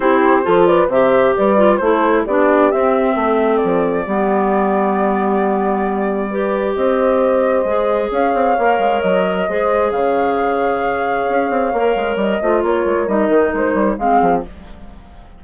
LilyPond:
<<
  \new Staff \with { instrumentName = "flute" } { \time 4/4 \tempo 4 = 133 c''4. d''8 e''4 d''4 | c''4 d''4 e''2 | d''1~ | d''2. dis''4~ |
dis''2 f''2 | dis''2 f''2~ | f''2. dis''4 | cis''4 dis''4 c''4 f''4 | }
  \new Staff \with { instrumentName = "horn" } { \time 4/4 g'4 a'8 b'8 c''4 b'4 | a'4 g'2 a'4~ | a'4 g'2.~ | g'2 b'4 c''4~ |
c''2 cis''2~ | cis''4 c''4 cis''2~ | cis''2.~ cis''8 c''8 | ais'2. gis'4 | }
  \new Staff \with { instrumentName = "clarinet" } { \time 4/4 e'4 f'4 g'4. f'8 | e'4 d'4 c'2~ | c'4 b2.~ | b2 g'2~ |
g'4 gis'2 ais'4~ | ais'4 gis'2.~ | gis'2 ais'4. f'8~ | f'4 dis'2 c'4 | }
  \new Staff \with { instrumentName = "bassoon" } { \time 4/4 c'4 f4 c4 g4 | a4 b4 c'4 a4 | f4 g2.~ | g2. c'4~ |
c'4 gis4 cis'8 c'8 ais8 gis8 | fis4 gis4 cis2~ | cis4 cis'8 c'8 ais8 gis8 g8 a8 | ais8 gis8 g8 dis8 gis8 g8 gis8 f8 | }
>>